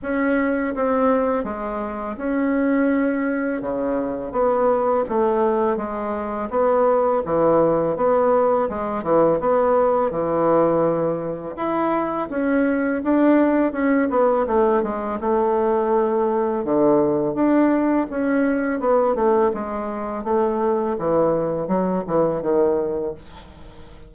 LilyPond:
\new Staff \with { instrumentName = "bassoon" } { \time 4/4 \tempo 4 = 83 cis'4 c'4 gis4 cis'4~ | cis'4 cis4 b4 a4 | gis4 b4 e4 b4 | gis8 e8 b4 e2 |
e'4 cis'4 d'4 cis'8 b8 | a8 gis8 a2 d4 | d'4 cis'4 b8 a8 gis4 | a4 e4 fis8 e8 dis4 | }